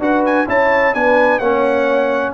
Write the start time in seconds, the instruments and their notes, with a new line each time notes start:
0.00 tuba D4, trombone F#4, horn B4, trumpet F#5
0.26 trumpet G#5
0.47 tuba C#4, trombone E4, horn C#5, trumpet A5
0.94 tuba B3, trombone D4, horn B4, trumpet G#5
1.39 tuba A#3, trombone C#4, horn C#5, trumpet F#5